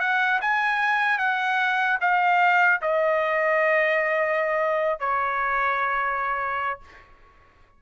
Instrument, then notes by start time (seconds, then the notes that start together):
trumpet
0.00 F#5
0.41 G#5
1.19 F#5
2.01 F5
2.81 D#5
5.00 C#5